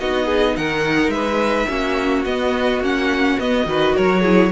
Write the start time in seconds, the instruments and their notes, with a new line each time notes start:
0.00 cello B3, viola D#4, violin F#4 D#5
0.26 violin G#4
0.57 cello D#3, violin A#4 F#5
1.08 cello G#3, violin B4 E5
1.68 cello A#3, viola C#4, violin F#4
2.25 cello B3, viola B3, violin D#5
2.80 cello A#3, viola C#4, violin F#5
3.40 viola B3, cello B3, violin D#5
3.65 cello D#3, viola F#4, violin B4
3.96 cello F#3, violin A#4 C#5
4.21 viola E4, violin G#4